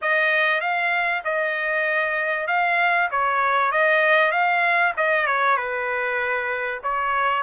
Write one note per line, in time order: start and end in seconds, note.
0.01 0.60 D#5
0.60 1.22 F5
1.24 2.47 D#5
2.47 3.09 F5
3.11 3.71 C#5
3.71 4.31 D#5
4.31 4.93 F5
4.97 5.26 D#5
5.26 5.56 C#5
5.56 6.80 B4
6.83 7.42 C#5